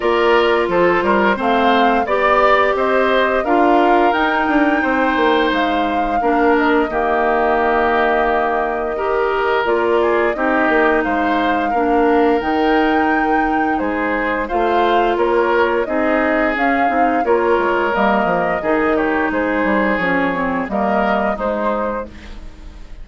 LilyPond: <<
  \new Staff \with { instrumentName = "flute" } { \time 4/4 \tempo 4 = 87 d''4 c''4 f''4 d''4 | dis''4 f''4 g''2 | f''4. dis''2~ dis''8~ | dis''2 d''4 dis''4 |
f''2 g''2 | c''4 f''4 cis''4 dis''4 | f''4 cis''4 dis''4. cis''8 | c''4 cis''4 dis''4 c''4 | }
  \new Staff \with { instrumentName = "oboe" } { \time 4/4 ais'4 a'8 ais'8 c''4 d''4 | c''4 ais'2 c''4~ | c''4 ais'4 g'2~ | g'4 ais'4. gis'8 g'4 |
c''4 ais'2. | gis'4 c''4 ais'4 gis'4~ | gis'4 ais'2 gis'8 g'8 | gis'2 ais'4 dis'4 | }
  \new Staff \with { instrumentName = "clarinet" } { \time 4/4 f'2 c'4 g'4~ | g'4 f'4 dis'2~ | dis'4 d'4 ais2~ | ais4 g'4 f'4 dis'4~ |
dis'4 d'4 dis'2~ | dis'4 f'2 dis'4 | cis'8 dis'8 f'4 ais4 dis'4~ | dis'4 cis'8 c'8 ais4 gis4 | }
  \new Staff \with { instrumentName = "bassoon" } { \time 4/4 ais4 f8 g8 a4 b4 | c'4 d'4 dis'8 d'8 c'8 ais8 | gis4 ais4 dis2~ | dis2 ais4 c'8 ais8 |
gis4 ais4 dis2 | gis4 a4 ais4 c'4 | cis'8 c'8 ais8 gis8 g8 f8 dis4 | gis8 g8 f4 g4 gis4 | }
>>